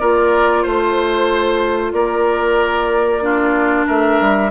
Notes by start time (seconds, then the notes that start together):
0.00 A#3 F4 A#4 D5
0.63 A3 C5
1.93 A#3 A#4 D5
3.22 D4 F4
3.86 A3 A#4 E5
4.21 G3